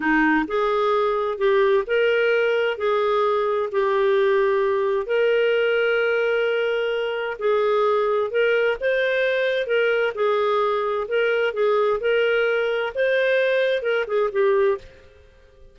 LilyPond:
\new Staff \with { instrumentName = "clarinet" } { \time 4/4 \tempo 4 = 130 dis'4 gis'2 g'4 | ais'2 gis'2 | g'2. ais'4~ | ais'1 |
gis'2 ais'4 c''4~ | c''4 ais'4 gis'2 | ais'4 gis'4 ais'2 | c''2 ais'8 gis'8 g'4 | }